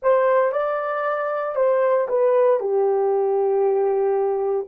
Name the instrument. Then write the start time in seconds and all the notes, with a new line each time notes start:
horn
0.02 C5
0.52 D5
1.55 C5
2.08 B4
2.60 G4